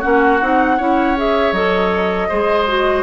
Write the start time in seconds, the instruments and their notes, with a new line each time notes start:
0.00 bassoon A#3, clarinet C#4, oboe F#4, flute F#5
0.41 bassoon C4, clarinet D#4
0.78 bassoon C#4, clarinet E4, oboe C#5
1.17 clarinet G#4, flute E5
1.52 bassoon F#3, clarinet A4, flute D#5
2.29 bassoon G#3, clarinet G#4, oboe C5
2.68 clarinet F#4